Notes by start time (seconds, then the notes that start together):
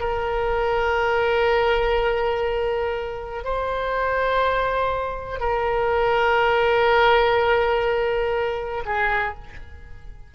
0.00 A#4
3.44 C5
5.40 A#4
8.86 G#4